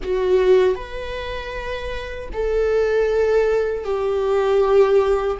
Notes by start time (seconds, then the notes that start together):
0.02 F#4
0.75 B4
2.33 A4
3.84 G4